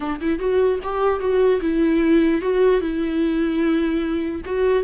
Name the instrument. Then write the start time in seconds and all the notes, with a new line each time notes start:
viola
0.00 D4
0.21 E4
0.39 F#4
0.83 G4
1.20 F#4
1.61 E4
2.41 F#4
2.80 E4
4.45 F#4